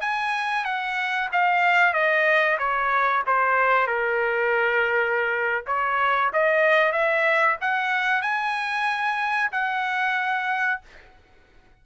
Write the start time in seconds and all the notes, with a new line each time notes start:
0.00 G#5
0.64 F#5
1.32 F5
1.93 D#5
2.58 C#5
3.26 C5
3.87 A#4
5.66 C#5
6.33 D#5
6.92 E5
7.60 F#5
8.21 G#5
9.52 F#5